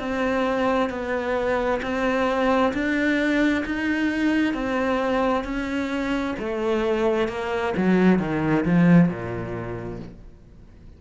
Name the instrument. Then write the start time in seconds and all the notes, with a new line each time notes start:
cello
0.00 C4
0.90 B3
1.83 C4
2.74 D4
3.66 D#4
4.54 C4
5.44 C#4
6.40 A3
7.29 A#3
7.77 F#3
8.19 D#3
8.65 F3
9.09 A#2